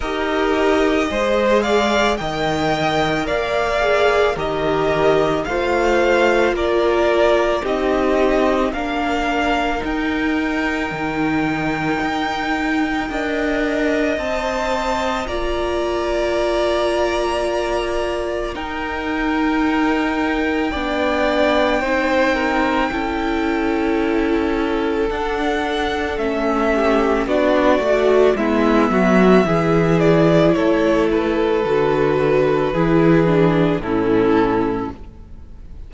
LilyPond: <<
  \new Staff \with { instrumentName = "violin" } { \time 4/4 \tempo 4 = 55 dis''4. f''8 g''4 f''4 | dis''4 f''4 d''4 dis''4 | f''4 g''2.~ | g''4 a''4 ais''2~ |
ais''4 g''2.~ | g''2. fis''4 | e''4 d''4 e''4. d''8 | cis''8 b'2~ b'8 a'4 | }
  \new Staff \with { instrumentName = "violin" } { \time 4/4 ais'4 c''8 d''8 dis''4 d''4 | ais'4 c''4 ais'4 g'4 | ais'1 | dis''2 d''2~ |
d''4 ais'2 d''4 | c''8 ais'8 a'2.~ | a'8 g'8 fis'4 e'8 fis'8 gis'4 | a'2 gis'4 e'4 | }
  \new Staff \with { instrumentName = "viola" } { \time 4/4 g'4 gis'4 ais'4. gis'8 | g'4 f'2 dis'4 | d'4 dis'2. | ais'4 c''4 f'2~ |
f'4 dis'2 d'4 | dis'4 e'2 d'4 | cis'4 d'8 fis'8 b4 e'4~ | e'4 fis'4 e'8 d'8 cis'4 | }
  \new Staff \with { instrumentName = "cello" } { \time 4/4 dis'4 gis4 dis4 ais4 | dis4 a4 ais4 c'4 | ais4 dis'4 dis4 dis'4 | d'4 c'4 ais2~ |
ais4 dis'2 b4 | c'4 cis'2 d'4 | a4 b8 a8 gis8 fis8 e4 | a4 d4 e4 a,4 | }
>>